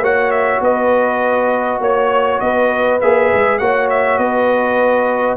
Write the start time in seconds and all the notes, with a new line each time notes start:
0.00 A#3 F#4 C#5 F#5
0.31 E5
0.61 B3 B4 D#5
1.81 A#3 C#5
2.41 B3 B4 D#5
3.01 A#3 G#4 E5
3.35 G#3
3.59 A#3 F#4 C#5 F#5
3.90 E5
4.18 B3 B4 D#5